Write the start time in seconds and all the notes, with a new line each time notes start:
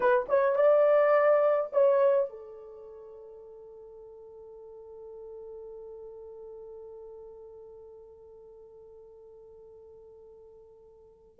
0.00 B4
0.29 C#5
0.55 D5
1.72 C#5
2.29 A4